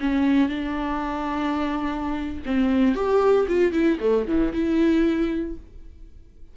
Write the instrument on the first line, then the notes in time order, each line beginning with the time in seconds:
viola
0.00 C#4
0.48 D4
2.45 C4
2.94 G4
3.48 F4
3.72 E4
4.00 A3
4.27 E3
4.53 E4